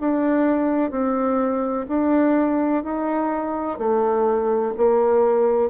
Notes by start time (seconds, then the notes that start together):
0.00 D4
0.90 C4
1.88 D4
2.83 D#4
3.78 A3
4.77 A#3